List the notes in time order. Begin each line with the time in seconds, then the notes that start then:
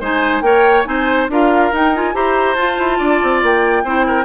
0.00 G#3 D#4 C5 G#5
0.41 A#3 A#4 C#5 G5
0.85 C4 D#4 C5 G#5
1.29 D4 F4 A#4 F5
1.72 D#4 G5
1.95 F4 G#5
2.13 E4 G4 C5 A#5
2.55 F4 A5
2.78 E4
2.98 D4 D5
3.22 C4
3.43 A#3 G5
3.83 C4 E4 C5
4.07 A#4